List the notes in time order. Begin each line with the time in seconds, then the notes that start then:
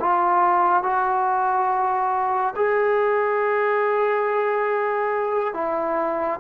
0.00 F4
0.83 F#4
2.56 G#4
5.54 E4